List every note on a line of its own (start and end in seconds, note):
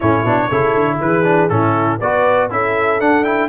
0.00 0.24 A2
0.00 0.25 C#4
0.00 0.48 E4
0.00 0.99 C#5
0.24 0.49 B2
0.24 0.50 D4
0.49 0.74 C#3
0.49 1.24 E4
0.49 0.99 A4
0.74 0.99 D3
1.00 1.50 E3
1.00 1.54 G#4
1.00 1.49 B4
1.24 1.49 D4
1.49 2.00 A2
1.49 1.99 C#4
1.49 1.98 E4
1.49 1.99 A4
1.98 2.50 B3
1.98 2.50 F#4
1.98 2.48 B4
1.98 2.50 D5
2.50 3.00 C#4
2.50 3.00 E4
2.50 3.49 A4
2.50 3.00 E5
3.00 3.24 D4
3.00 3.49 D4
3.00 3.24 F#5
3.24 3.49 E4
3.24 3.49 G5